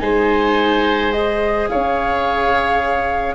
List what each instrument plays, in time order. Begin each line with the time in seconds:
0.00 tuba G#3, viola D#4, oboe C5, flute G#5
1.12 viola G#4, flute D#5
1.68 tuba C#4, oboe C#5, flute F5